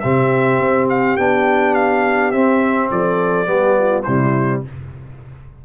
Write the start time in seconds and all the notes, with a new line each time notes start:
0.00 C3 C4 G4 E5
0.60 C4
0.89 F5
1.17 B3 D4 G5
1.74 F5
2.31 C4 E5
2.91 F3 A4 D5
3.46 G3 B3 G4
3.79 F4
4.03 C3 G3 E4 C5